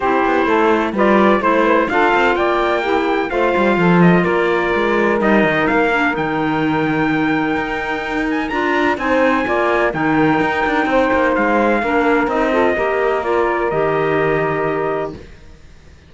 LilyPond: <<
  \new Staff \with { instrumentName = "trumpet" } { \time 4/4 \tempo 4 = 127 c''2 d''4 c''4 | f''4 g''2 f''4~ | f''8 dis''8 d''2 dis''4 | f''4 g''2.~ |
g''4. gis''8 ais''4 gis''4~ | gis''4 g''2. | f''2 dis''2 | d''4 dis''2. | }
  \new Staff \with { instrumentName = "saxophone" } { \time 4/4 g'4 a'4 b'4 c''8 b'8 | a'4 d''4 g'4 c''4 | a'4 ais'2.~ | ais'1~ |
ais'2. c''4 | d''4 ais'2 c''4~ | c''4 ais'4. a'8 ais'4~ | ais'1 | }
  \new Staff \with { instrumentName = "clarinet" } { \time 4/4 e'2 f'4 e'4 | f'2 e'4 f'4~ | f'2. dis'4~ | dis'8 d'8 dis'2.~ |
dis'2 f'4 dis'4 | f'4 dis'2.~ | dis'4 d'4 dis'8 f'8 g'4 | f'4 g'2. | }
  \new Staff \with { instrumentName = "cello" } { \time 4/4 c'8 b8 a4 g4 a4 | d'8 c'8 ais2 a8 g8 | f4 ais4 gis4 g8 dis8 | ais4 dis2. |
dis'2 d'4 c'4 | ais4 dis4 dis'8 d'8 c'8 ais8 | gis4 ais4 c'4 ais4~ | ais4 dis2. | }
>>